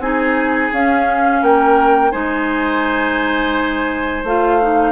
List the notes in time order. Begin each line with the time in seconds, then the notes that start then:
0.00 C4 D#4 G#4 G#5
0.73 C#4 F5
1.42 A#3 A#4 G5
2.12 G#3 D#4 C5 G#5
4.24 A3 F4 F5
4.62 D#4